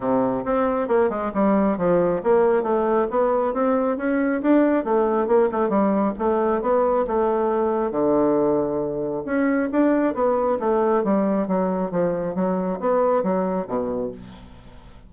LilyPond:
\new Staff \with { instrumentName = "bassoon" } { \time 4/4 \tempo 4 = 136 c4 c'4 ais8 gis8 g4 | f4 ais4 a4 b4 | c'4 cis'4 d'4 a4 | ais8 a8 g4 a4 b4 |
a2 d2~ | d4 cis'4 d'4 b4 | a4 g4 fis4 f4 | fis4 b4 fis4 b,4 | }